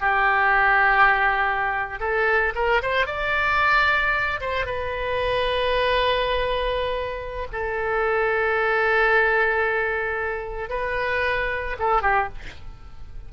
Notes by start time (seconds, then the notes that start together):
0.00 G4
1.99 A4
2.55 A#4
2.82 C5
3.06 D5
4.41 C5
4.65 B4
7.52 A4
10.69 B4
11.79 A4
12.01 G4